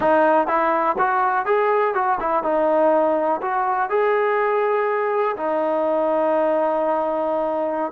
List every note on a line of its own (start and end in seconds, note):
0.00 0.47 D#4
0.47 0.96 E4
0.98 1.45 F#4
1.45 1.94 G#4
1.94 2.18 F#4
2.20 2.43 E4
2.43 3.40 D#4
3.41 3.89 F#4
3.89 5.36 G#4
5.37 7.92 D#4